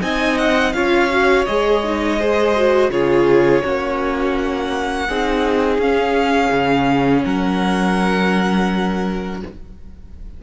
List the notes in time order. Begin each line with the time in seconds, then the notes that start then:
0.00 C4 D#4 D#5 G#5
0.38 F#5
0.73 C#4 F4 C#5 F5
1.10 F#4
1.46 G#3 G#4 D#5
1.84 D#4
2.19 G#4 C5
2.56 F#4
2.89 C#3 F4 G#4 C#5
3.63 A#3 C#4 F#4
4.38 F#5
5.08 C4 D#4 G#4
5.78 C#4 F5
6.51 C#3
7.24 F#3 A#4 F#5